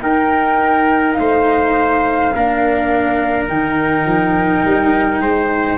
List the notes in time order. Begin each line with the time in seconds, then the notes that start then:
0.00 D#4 A#4 G5
1.13 A3 C5 F5
2.33 A#3 D4 A#4
3.48 D#3 D#4 G5
4.05 F3
4.64 G3
5.20 G#3 C5